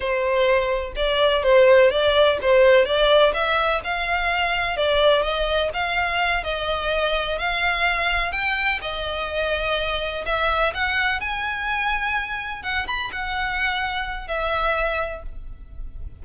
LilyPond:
\new Staff \with { instrumentName = "violin" } { \time 4/4 \tempo 4 = 126 c''2 d''4 c''4 | d''4 c''4 d''4 e''4 | f''2 d''4 dis''4 | f''4. dis''2 f''8~ |
f''4. g''4 dis''4.~ | dis''4. e''4 fis''4 gis''8~ | gis''2~ gis''8 fis''8 b''8 fis''8~ | fis''2 e''2 | }